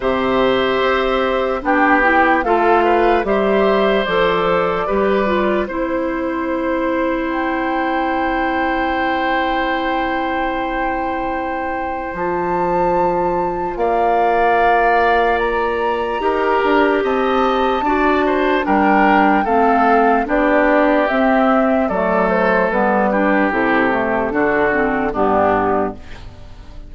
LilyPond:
<<
  \new Staff \with { instrumentName = "flute" } { \time 4/4 \tempo 4 = 74 e''2 g''4 f''4 | e''4 d''2 c''4~ | c''4 g''2.~ | g''2. a''4~ |
a''4 f''2 ais''4~ | ais''4 a''2 g''4 | f''4 d''4 e''4 d''8 c''8 | b'4 a'2 g'4 | }
  \new Staff \with { instrumentName = "oboe" } { \time 4/4 c''2 g'4 a'8 b'8 | c''2 b'4 c''4~ | c''1~ | c''1~ |
c''4 d''2. | ais'4 dis''4 d''8 c''8 ais'4 | a'4 g'2 a'4~ | a'8 g'4. fis'4 d'4 | }
  \new Staff \with { instrumentName = "clarinet" } { \time 4/4 g'2 d'8 e'8 f'4 | g'4 a'4 g'8 f'8 e'4~ | e'1~ | e'2. f'4~ |
f'1 | g'2 fis'4 d'4 | c'4 d'4 c'4 a4 | b8 d'8 e'8 a8 d'8 c'8 b4 | }
  \new Staff \with { instrumentName = "bassoon" } { \time 4/4 c4 c'4 b4 a4 | g4 f4 g4 c'4~ | c'1~ | c'2. f4~ |
f4 ais2. | dis'8 d'8 c'4 d'4 g4 | a4 b4 c'4 fis4 | g4 c4 d4 g,4 | }
>>